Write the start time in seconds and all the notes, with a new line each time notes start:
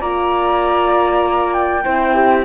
0.00 A#3 F4 D5 A#5
1.53 G5
1.84 C4 E4 C5
2.14 G4